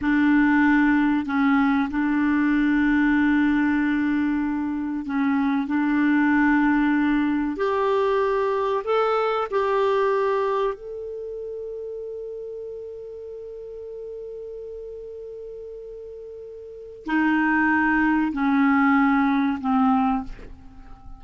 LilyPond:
\new Staff \with { instrumentName = "clarinet" } { \time 4/4 \tempo 4 = 95 d'2 cis'4 d'4~ | d'1 | cis'4 d'2. | g'2 a'4 g'4~ |
g'4 a'2.~ | a'1~ | a'2. dis'4~ | dis'4 cis'2 c'4 | }